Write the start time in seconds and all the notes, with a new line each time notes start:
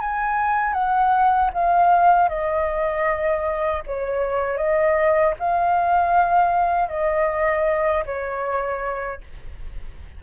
0.00 G#5
0.73 F#5
1.53 F5
2.29 D#5
3.87 C#5
4.57 D#5
5.40 F5
6.89 D#5
8.06 C#5